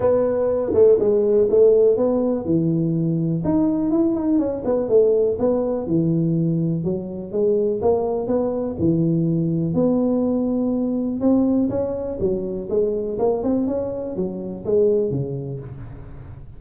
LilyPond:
\new Staff \with { instrumentName = "tuba" } { \time 4/4 \tempo 4 = 123 b4. a8 gis4 a4 | b4 e2 dis'4 | e'8 dis'8 cis'8 b8 a4 b4 | e2 fis4 gis4 |
ais4 b4 e2 | b2. c'4 | cis'4 fis4 gis4 ais8 c'8 | cis'4 fis4 gis4 cis4 | }